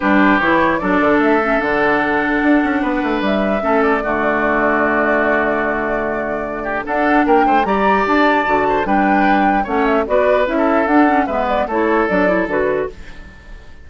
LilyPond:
<<
  \new Staff \with { instrumentName = "flute" } { \time 4/4 \tempo 4 = 149 b'4 cis''4 d''4 e''4 | fis''1 | e''4. d''2~ d''8~ | d''1~ |
d''4 fis''4 g''4 ais''4 | a''2 g''2 | fis''8 e''8 d''4 e''4 fis''4 | e''8 d''8 cis''4 d''4 b'4 | }
  \new Staff \with { instrumentName = "oboe" } { \time 4/4 g'2 a'2~ | a'2. b'4~ | b'4 a'4 fis'2~ | fis'1~ |
fis'8 g'8 a'4 ais'8 c''8 d''4~ | d''4. c''8 b'2 | cis''4 b'4~ b'16 a'4.~ a'16 | b'4 a'2. | }
  \new Staff \with { instrumentName = "clarinet" } { \time 4/4 d'4 e'4 d'4. cis'8 | d'1~ | d'4 cis'4 a2~ | a1~ |
a4 d'2 g'4~ | g'4 fis'4 d'2 | cis'4 fis'4 e'4 d'8 cis'8 | b4 e'4 d'8 e'8 fis'4 | }
  \new Staff \with { instrumentName = "bassoon" } { \time 4/4 g4 e4 fis8 d8 a4 | d2 d'8 cis'8 b8 a8 | g4 a4 d2~ | d1~ |
d4 d'4 ais8 a8 g4 | d'4 d4 g2 | a4 b4 cis'4 d'4 | gis4 a4 fis4 d4 | }
>>